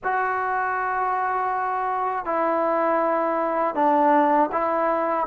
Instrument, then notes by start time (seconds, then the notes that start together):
trombone
0.03 F#4
2.25 E4
3.74 D4
4.52 E4